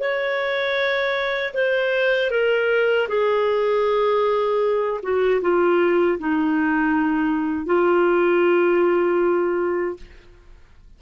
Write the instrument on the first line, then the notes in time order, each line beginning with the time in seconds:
clarinet
0.00 C#5
1.55 C5
2.31 A#4
3.09 G#4
5.03 F#4
5.42 F4
6.20 D#4
7.66 F4